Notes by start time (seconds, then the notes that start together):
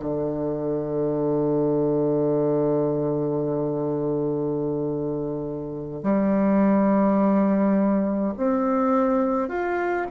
0.00 D3
6.03 G3
8.37 C4
9.49 F4